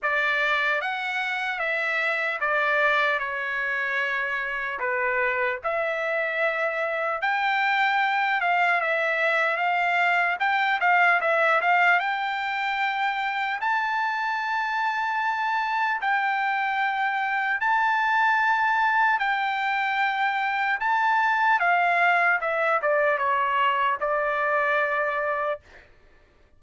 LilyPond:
\new Staff \with { instrumentName = "trumpet" } { \time 4/4 \tempo 4 = 75 d''4 fis''4 e''4 d''4 | cis''2 b'4 e''4~ | e''4 g''4. f''8 e''4 | f''4 g''8 f''8 e''8 f''8 g''4~ |
g''4 a''2. | g''2 a''2 | g''2 a''4 f''4 | e''8 d''8 cis''4 d''2 | }